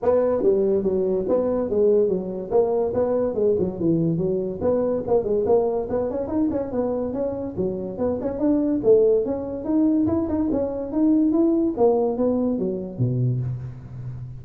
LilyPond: \new Staff \with { instrumentName = "tuba" } { \time 4/4 \tempo 4 = 143 b4 g4 fis4 b4 | gis4 fis4 ais4 b4 | gis8 fis8 e4 fis4 b4 | ais8 gis8 ais4 b8 cis'8 dis'8 cis'8 |
b4 cis'4 fis4 b8 cis'8 | d'4 a4 cis'4 dis'4 | e'8 dis'8 cis'4 dis'4 e'4 | ais4 b4 fis4 b,4 | }